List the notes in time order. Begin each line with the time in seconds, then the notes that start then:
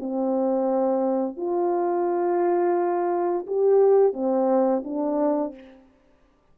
0.00 C4
1.37 F4
3.47 G4
4.14 C4
4.85 D4